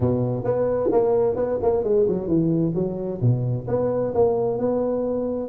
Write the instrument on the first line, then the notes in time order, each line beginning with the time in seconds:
tuba
0.00 B2
0.44 B3
0.91 A#3
1.36 B3
1.62 A#3
1.83 G#3
2.08 F#3
2.27 E3
2.75 F#3
3.21 B2
3.67 B3
4.14 A#3
4.58 B3